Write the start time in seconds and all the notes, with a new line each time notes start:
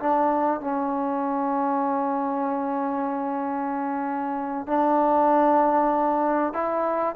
0.00 D4
0.61 C#4
4.68 D4
6.54 E4